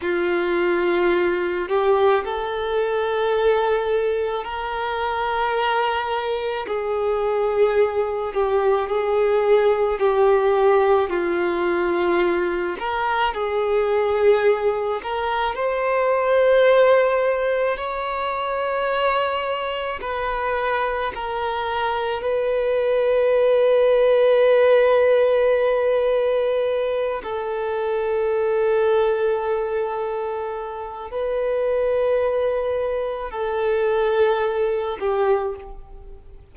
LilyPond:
\new Staff \with { instrumentName = "violin" } { \time 4/4 \tempo 4 = 54 f'4. g'8 a'2 | ais'2 gis'4. g'8 | gis'4 g'4 f'4. ais'8 | gis'4. ais'8 c''2 |
cis''2 b'4 ais'4 | b'1~ | b'8 a'2.~ a'8 | b'2 a'4. g'8 | }